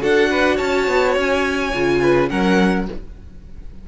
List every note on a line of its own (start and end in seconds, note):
0.00 0.60 D4
0.00 1.71 F#4
0.00 0.30 A4
0.00 0.58 F#5
0.31 0.56 B4
0.56 0.88 C#4
0.56 1.99 C#5
0.56 1.15 A5
0.88 1.16 B3
1.16 1.74 C#4
1.16 2.29 G#5
1.74 2.31 C#3
1.74 2.30 F4
2.01 2.30 B4
2.29 2.88 F#3
2.29 2.87 C#4
2.29 2.88 A#4
2.29 2.87 F#5